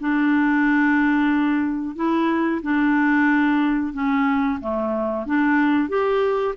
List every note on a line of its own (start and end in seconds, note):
0.00 1.95 D4
1.95 2.61 E4
2.62 3.93 D4
3.93 4.59 C#4
4.60 5.26 A3
5.26 5.89 D4
5.89 6.55 G4